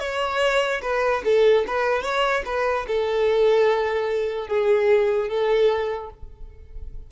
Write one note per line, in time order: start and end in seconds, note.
0.00 0.81 C#5
0.82 1.23 B4
1.25 1.65 A4
1.67 2.03 B4
2.03 2.43 C#5
2.46 2.86 B4
2.88 4.48 A4
4.48 5.29 G#4
5.29 6.10 A4